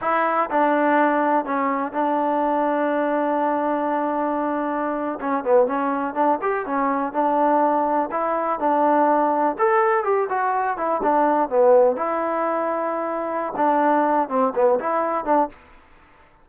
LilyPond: \new Staff \with { instrumentName = "trombone" } { \time 4/4 \tempo 4 = 124 e'4 d'2 cis'4 | d'1~ | d'2~ d'8. cis'8 b8 cis'16~ | cis'8. d'8 g'8 cis'4 d'4~ d'16~ |
d'8. e'4 d'2 a'16~ | a'8. g'8 fis'4 e'8 d'4 b16~ | b8. e'2.~ e'16 | d'4. c'8 b8 e'4 d'8 | }